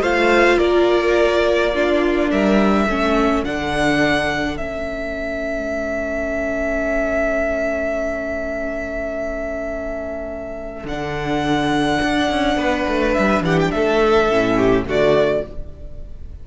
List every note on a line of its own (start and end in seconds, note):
0.00 0.57 A3
0.00 1.74 F4
0.00 0.57 C5
0.00 0.58 F5
0.57 2.31 A#3
0.57 1.72 A#4
0.57 2.30 D5
1.74 2.88 D4
1.74 2.31 F4
2.31 2.86 G3
2.31 2.88 A#4
2.31 3.44 E5
2.86 3.43 A3
2.86 3.45 C#4
2.86 12.58 A4
3.44 4.59 D3
3.44 4.58 D4
3.44 4.57 F#5
4.57 10.84 A3
4.57 10.87 C#4
4.57 10.86 E5
10.84 11.99 D3
10.84 14.30 D4
10.84 13.13 F#5
12.02 12.30 D4
12.30 12.56 C#4
12.56 12.85 B3
12.56 13.44 B4
12.88 13.16 A3
13.13 13.41 G3
13.13 13.42 E5
13.41 13.69 E3
13.41 13.73 G4
13.41 13.59 F#5
13.60 13.71 G5
13.71 14.30 A3
13.71 14.57 A4
13.71 14.85 E5
14.30 14.84 A2
14.30 14.85 C#4
14.57 14.85 G4
14.84 15.41 D3
14.84 15.43 A3
14.84 15.45 F#4
14.84 15.47 D5